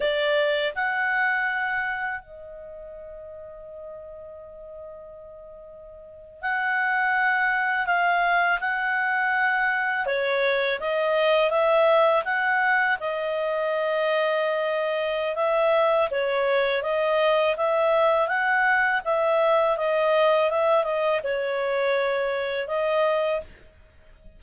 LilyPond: \new Staff \with { instrumentName = "clarinet" } { \time 4/4 \tempo 4 = 82 d''4 fis''2 dis''4~ | dis''1~ | dis''8. fis''2 f''4 fis''16~ | fis''4.~ fis''16 cis''4 dis''4 e''16~ |
e''8. fis''4 dis''2~ dis''16~ | dis''4 e''4 cis''4 dis''4 | e''4 fis''4 e''4 dis''4 | e''8 dis''8 cis''2 dis''4 | }